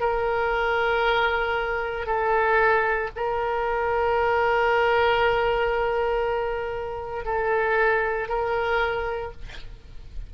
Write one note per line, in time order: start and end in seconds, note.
0.00 2.06 A#4
2.06 3.10 A4
3.16 7.25 A#4
7.25 8.29 A4
8.29 9.32 A#4